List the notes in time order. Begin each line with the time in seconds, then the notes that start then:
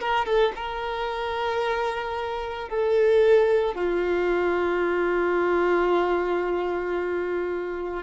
0.00 A#4
0.25 A4
0.56 A#4
2.69 A4
3.75 F4